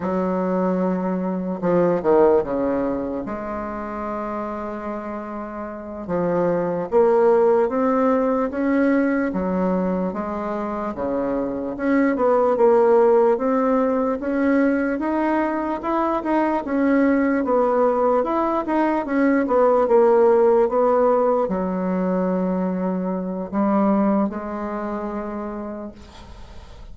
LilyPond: \new Staff \with { instrumentName = "bassoon" } { \time 4/4 \tempo 4 = 74 fis2 f8 dis8 cis4 | gis2.~ gis8 f8~ | f8 ais4 c'4 cis'4 fis8~ | fis8 gis4 cis4 cis'8 b8 ais8~ |
ais8 c'4 cis'4 dis'4 e'8 | dis'8 cis'4 b4 e'8 dis'8 cis'8 | b8 ais4 b4 fis4.~ | fis4 g4 gis2 | }